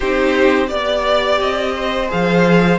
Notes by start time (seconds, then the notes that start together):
0.00 C4 D#4 G4 C5
0.67 B3 G4 D5
1.40 C4 D#5
1.76 C5
2.07 F3 G#4 F5